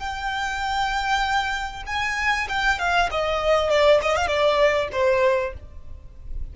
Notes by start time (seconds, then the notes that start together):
0.00 G5
1.87 G#5
2.49 G5
2.79 F5
3.12 D#5
3.70 D5
4.02 D#5
4.16 F5
4.28 D5
4.93 C5